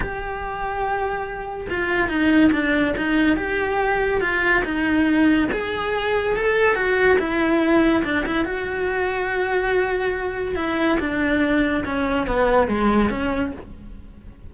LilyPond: \new Staff \with { instrumentName = "cello" } { \time 4/4 \tempo 4 = 142 g'1 | f'4 dis'4 d'4 dis'4 | g'2 f'4 dis'4~ | dis'4 gis'2 a'4 |
fis'4 e'2 d'8 e'8 | fis'1~ | fis'4 e'4 d'2 | cis'4 b4 gis4 cis'4 | }